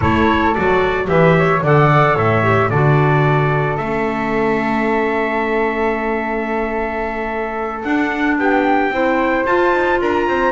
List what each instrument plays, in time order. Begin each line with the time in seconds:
0.00 double bass A3, clarinet E4, flute A4, trumpet C#5
0.54 double bass F#3, clarinet F#4, trumpet D5
1.05 double bass E3, clarinet G4, flute B4, trumpet E5
1.38 flute C#5
1.62 double bass D3, clarinet A4, flute D5, trumpet F#5
2.15 double bass A2, flute C#5, trumpet E5
2.43 clarinet G4
2.69 double bass D3, clarinet F#4, flute A4, trumpet D5
3.77 double bass A3, clarinet C#4, trumpet E5
7.83 clarinet D4, double bass D4, trumpet F#5
8.38 double bass B3, flute G4, trumpet G5
8.90 double bass C4, clarinet E4, flute C5
9.45 double bass F4, clarinet F4, trumpet A5
9.73 double bass D#4
10.00 double bass D4, flute A#4, trumpet A#5
10.27 double bass C4, flute C5